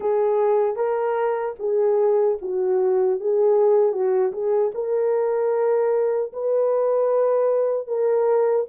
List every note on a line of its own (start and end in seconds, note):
0.00 0.76 G#4
0.76 1.55 A#4
1.59 2.38 G#4
2.41 3.20 F#4
3.20 3.92 G#4
3.92 4.32 F#4
4.32 4.72 G#4
4.74 6.32 A#4
6.32 7.87 B4
7.87 8.66 A#4